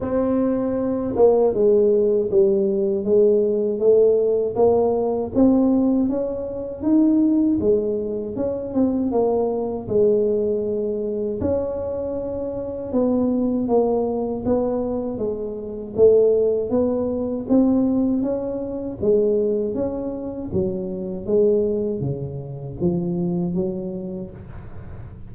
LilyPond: \new Staff \with { instrumentName = "tuba" } { \time 4/4 \tempo 4 = 79 c'4. ais8 gis4 g4 | gis4 a4 ais4 c'4 | cis'4 dis'4 gis4 cis'8 c'8 | ais4 gis2 cis'4~ |
cis'4 b4 ais4 b4 | gis4 a4 b4 c'4 | cis'4 gis4 cis'4 fis4 | gis4 cis4 f4 fis4 | }